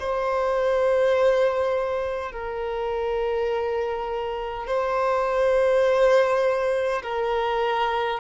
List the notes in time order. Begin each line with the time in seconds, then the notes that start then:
0.00 C5
2.32 A#4
4.67 C5
7.03 A#4